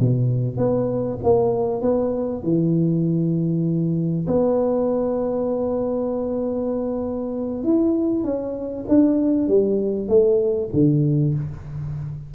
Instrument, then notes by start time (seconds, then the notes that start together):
tuba
0.00 B2
0.58 B3
1.23 A#3
1.82 B3
2.43 E3
4.27 B3
7.64 E4
8.24 C#4
8.89 D4
9.48 G3
10.09 A3
10.73 D3